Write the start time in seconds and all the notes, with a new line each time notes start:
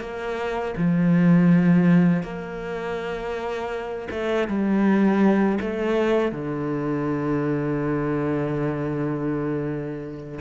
0.00 A#3
0.76 F3
2.23 A#3
4.10 A3
4.47 G3
5.60 A3
6.32 D3